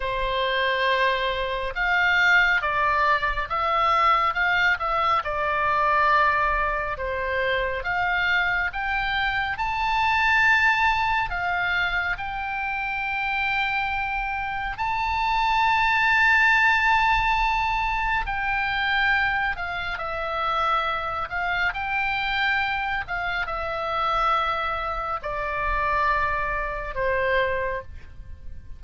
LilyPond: \new Staff \with { instrumentName = "oboe" } { \time 4/4 \tempo 4 = 69 c''2 f''4 d''4 | e''4 f''8 e''8 d''2 | c''4 f''4 g''4 a''4~ | a''4 f''4 g''2~ |
g''4 a''2.~ | a''4 g''4. f''8 e''4~ | e''8 f''8 g''4. f''8 e''4~ | e''4 d''2 c''4 | }